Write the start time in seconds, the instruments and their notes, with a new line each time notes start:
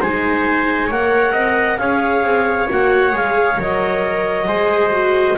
0.00 double bass G#3, viola D#4, trumpet C5, clarinet G#5
0.87 double bass A#3, viola A#4, trumpet C#5, clarinet F#5
1.32 double bass C4, trumpet D#5
1.78 double bass C#4, viola G#4, trumpet C#5, clarinet F5
2.23 double bass C4
2.69 double bass A#3, viola F#4, clarinet F#5
3.12 double bass G#3, viola G#4, clarinet F5
3.57 double bass F#3, viola A#4, clarinet D#5
4.47 double bass G#3, viola G#4, trumpet C5
4.92 viola F#4